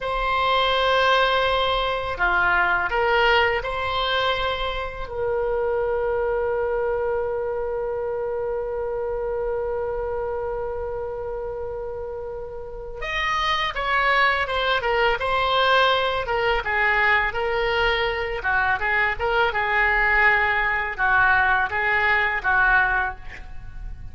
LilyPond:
\new Staff \with { instrumentName = "oboe" } { \time 4/4 \tempo 4 = 83 c''2. f'4 | ais'4 c''2 ais'4~ | ais'1~ | ais'1~ |
ais'2 dis''4 cis''4 | c''8 ais'8 c''4. ais'8 gis'4 | ais'4. fis'8 gis'8 ais'8 gis'4~ | gis'4 fis'4 gis'4 fis'4 | }